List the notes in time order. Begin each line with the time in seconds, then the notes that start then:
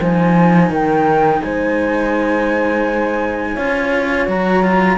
0.00 F3 D#4 C5 G#5
0.70 D#3 A#4 G5
1.42 G#3 C5 G#5
3.54 C#4 F4 C#5
4.28 F#3 F#4 A#5
4.63 F4